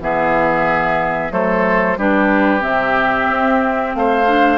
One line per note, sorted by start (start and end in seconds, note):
0.00 1.31 E3
0.00 1.30 B3
0.00 1.33 G#4
0.00 1.33 E5
1.30 1.97 F#3
1.30 1.96 A3
1.30 1.98 A4
1.30 1.99 C5
1.97 2.63 G3
1.97 2.60 D4
1.97 3.96 G4
1.97 2.62 B4
2.60 3.29 C3
2.60 4.25 C4
2.60 3.94 E5
3.29 3.95 C4
3.95 4.58 A3
3.95 4.58 C5
3.95 4.58 F5
4.27 4.58 D4